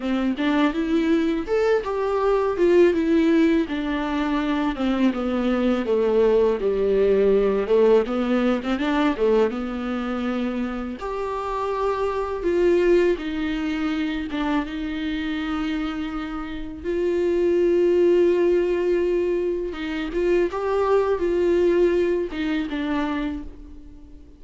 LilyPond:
\new Staff \with { instrumentName = "viola" } { \time 4/4 \tempo 4 = 82 c'8 d'8 e'4 a'8 g'4 f'8 | e'4 d'4. c'8 b4 | a4 g4. a8 b8. c'16 | d'8 a8 b2 g'4~ |
g'4 f'4 dis'4. d'8 | dis'2. f'4~ | f'2. dis'8 f'8 | g'4 f'4. dis'8 d'4 | }